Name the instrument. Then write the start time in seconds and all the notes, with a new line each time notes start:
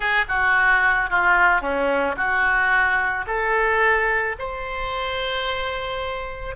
oboe
0.00 G#4
0.28 F#4
1.09 F4
1.61 C#4
2.16 F#4
3.27 A4
4.39 C5